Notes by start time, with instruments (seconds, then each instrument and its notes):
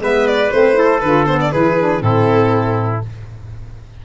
0.00 tuba G#3, saxophone B3, trumpet B4, violin E5
0.27 violin D5
0.51 tuba A3, saxophone C4, violin C5
0.74 saxophone E4, trumpet A4
1.00 tuba D3, saxophone F4, violin B4
1.26 saxophone B3, violin C5
1.41 violin D5
1.52 tuba E3, saxophone E4, trumpet G#4, violin B4
1.79 saxophone D4
2.00 tuba A2, saxophone C4, trumpet E4, violin A4